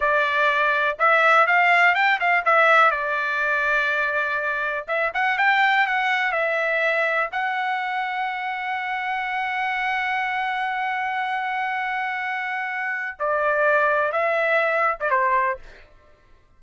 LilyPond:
\new Staff \with { instrumentName = "trumpet" } { \time 4/4 \tempo 4 = 123 d''2 e''4 f''4 | g''8 f''8 e''4 d''2~ | d''2 e''8 fis''8 g''4 | fis''4 e''2 fis''4~ |
fis''1~ | fis''1~ | fis''2. d''4~ | d''4 e''4.~ e''16 d''16 c''4 | }